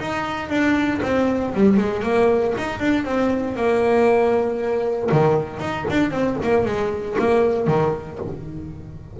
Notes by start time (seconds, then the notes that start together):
0.00 D#4
0.49 D4
1.03 C4
1.55 G3
1.77 G#3
2.03 A#3
2.58 D#4
2.80 D4
3.05 C4
3.56 A#3
5.12 D#3
5.60 D#4
5.90 D4
6.11 C4
6.43 A#3
6.65 G#3
7.19 A#3
7.68 D#3